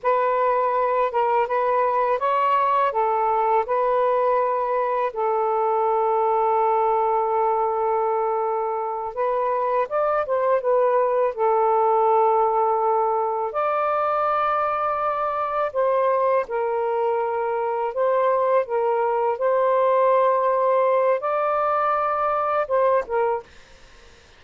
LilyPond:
\new Staff \with { instrumentName = "saxophone" } { \time 4/4 \tempo 4 = 82 b'4. ais'8 b'4 cis''4 | a'4 b'2 a'4~ | a'1~ | a'8 b'4 d''8 c''8 b'4 a'8~ |
a'2~ a'8 d''4.~ | d''4. c''4 ais'4.~ | ais'8 c''4 ais'4 c''4.~ | c''4 d''2 c''8 ais'8 | }